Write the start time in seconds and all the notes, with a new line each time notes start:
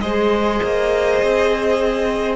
0.00 G#3 G#4 C5 D#5
0.63 A#3
1.22 C4